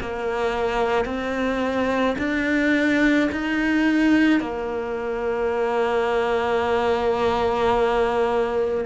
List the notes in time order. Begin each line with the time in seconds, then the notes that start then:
0.00 A#3
1.05 C4
2.18 D4
3.32 D#4
4.40 A#3